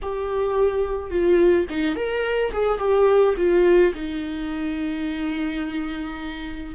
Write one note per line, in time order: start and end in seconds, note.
0.02 1.10 G4
1.10 1.66 F4
1.69 1.95 D#4
1.95 2.51 A#4
2.52 2.78 G#4
2.78 3.34 G4
3.37 3.93 F4
3.94 6.74 D#4